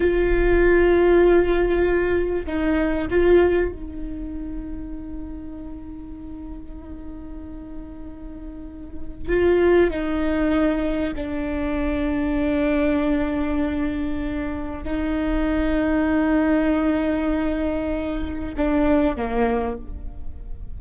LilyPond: \new Staff \with { instrumentName = "viola" } { \time 4/4 \tempo 4 = 97 f'1 | dis'4 f'4 dis'2~ | dis'1~ | dis'2. f'4 |
dis'2 d'2~ | d'1 | dis'1~ | dis'2 d'4 ais4 | }